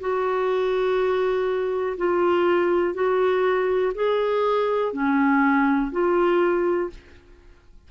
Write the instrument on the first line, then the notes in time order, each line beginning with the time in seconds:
clarinet
0.00 F#4
1.98 F4
2.94 F#4
3.94 G#4
4.93 C#4
5.92 F4